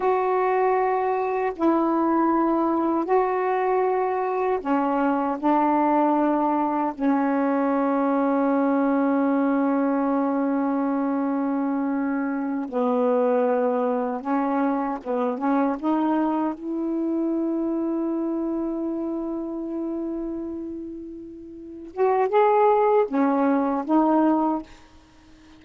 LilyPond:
\new Staff \with { instrumentName = "saxophone" } { \time 4/4 \tempo 4 = 78 fis'2 e'2 | fis'2 cis'4 d'4~ | d'4 cis'2.~ | cis'1~ |
cis'8 b2 cis'4 b8 | cis'8 dis'4 e'2~ e'8~ | e'1~ | e'8 fis'8 gis'4 cis'4 dis'4 | }